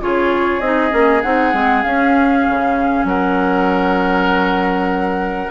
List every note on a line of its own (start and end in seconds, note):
0.00 0.60 C#3
0.00 0.61 F4
0.00 3.07 G#4
0.00 0.60 C#5
0.60 0.90 C4
0.60 0.90 D#4
0.60 1.21 D#5
0.90 1.23 A#3
0.90 1.20 C#4
1.22 1.53 C4
1.22 1.52 D#4
1.22 1.82 F#5
1.52 1.84 G#3
1.52 1.82 C4
1.82 5.50 C#4
1.82 2.46 C#4
1.82 3.05 F5
2.48 3.04 C#3
3.04 5.49 F#3
3.04 5.50 A#4
3.04 5.50 F#5